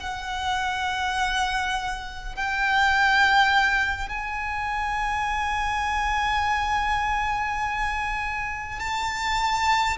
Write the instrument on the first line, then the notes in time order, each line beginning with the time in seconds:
violin
0.00 F#5
2.35 G5
4.09 G#5
8.79 A5